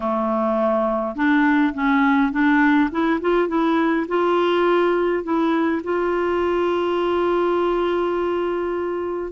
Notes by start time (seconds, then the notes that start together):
0.00 A3
1.15 D4
1.74 C#4
2.31 D4
2.91 E4
3.20 F4
3.48 E4
4.08 F4
5.23 E4
5.83 F4